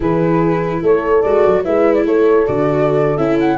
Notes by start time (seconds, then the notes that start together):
0.00 E3 E4 G#4 B4
0.82 A3 A4 C#5
1.21 G#3 F#4 D5
1.46 F#3
1.63 G#3 E4 B4 E5
1.94 D5
2.05 A3 A4 C#5
2.45 D3 F#4 D5
3.17 C#4 E4 E5
3.39 F#5